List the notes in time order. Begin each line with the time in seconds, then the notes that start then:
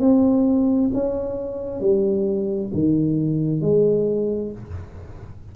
0.00 C4
0.94 C#4
1.81 G3
2.74 D#3
3.61 G#3